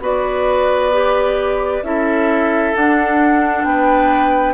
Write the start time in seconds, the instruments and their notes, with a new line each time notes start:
0.00 bassoon B3, clarinet F#4, oboe B4, flute D5
0.92 clarinet G4
1.83 bassoon C#4, clarinet E4, oboe A4, flute E5
2.74 clarinet D4, bassoon D4, flute F#5
3.64 bassoon B3, oboe B4, flute G5